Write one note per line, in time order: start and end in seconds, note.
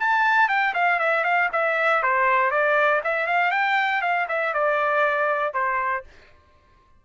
0.00 0.49 A5
0.49 0.74 G5
0.74 0.99 F5
0.99 1.24 E5
1.24 1.49 F5
1.53 2.03 E5
2.03 2.51 C5
2.51 3.02 D5
3.04 3.27 E5
3.27 3.51 F5
3.51 4.02 G5
4.02 4.27 F5
4.29 4.54 E5
4.54 5.54 D5
5.54 6.04 C5